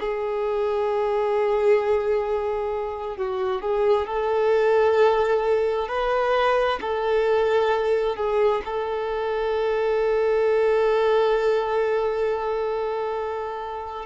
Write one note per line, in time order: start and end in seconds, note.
0.00 3.17 G#4
3.17 3.62 F#4
3.62 4.07 G#4
4.07 5.88 A4
5.88 6.79 B4
6.81 8.17 A4
8.17 8.62 G#4
8.65 14.06 A4